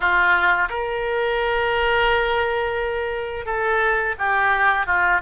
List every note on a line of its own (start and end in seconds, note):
0.00 0.68 F4
0.69 3.45 A#4
3.45 4.15 A4
4.18 4.86 G4
4.86 5.21 F4